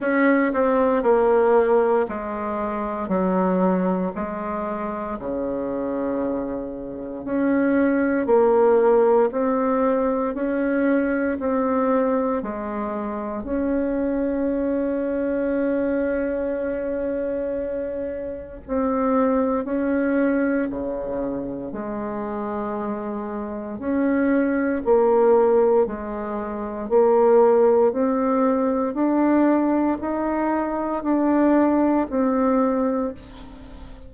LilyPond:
\new Staff \with { instrumentName = "bassoon" } { \time 4/4 \tempo 4 = 58 cis'8 c'8 ais4 gis4 fis4 | gis4 cis2 cis'4 | ais4 c'4 cis'4 c'4 | gis4 cis'2.~ |
cis'2 c'4 cis'4 | cis4 gis2 cis'4 | ais4 gis4 ais4 c'4 | d'4 dis'4 d'4 c'4 | }